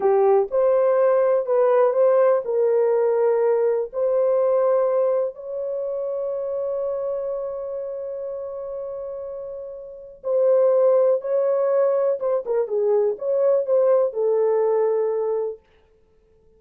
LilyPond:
\new Staff \with { instrumentName = "horn" } { \time 4/4 \tempo 4 = 123 g'4 c''2 b'4 | c''4 ais'2. | c''2. cis''4~ | cis''1~ |
cis''1~ | cis''4 c''2 cis''4~ | cis''4 c''8 ais'8 gis'4 cis''4 | c''4 a'2. | }